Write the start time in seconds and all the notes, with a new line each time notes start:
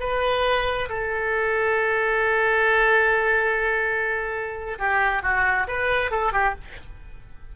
0.00 B4
0.89 A4
4.79 G4
5.23 F#4
5.68 B4
6.11 A4
6.33 G4